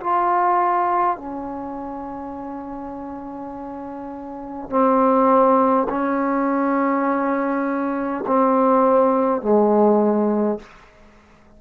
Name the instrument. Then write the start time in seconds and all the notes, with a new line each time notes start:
trombone
0.00 F4
1.17 C#4
4.70 C4
5.89 C#4
8.26 C4
9.41 G#3